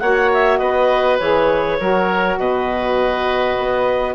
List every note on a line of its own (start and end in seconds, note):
0.00 0.60 A#3
0.00 1.20 F#4
0.00 0.59 C#5
0.00 0.30 F#5
0.34 0.58 E5
0.58 1.20 B3
0.58 1.78 B4
0.58 1.17 D#5
1.19 1.79 E3
1.19 1.79 G#4
1.19 2.37 C#5
1.79 2.38 F#3
1.79 4.15 F#4
1.79 2.39 A#4
2.38 3.57 B2
2.38 4.15 B4
2.38 4.15 D#5
3.58 4.15 B3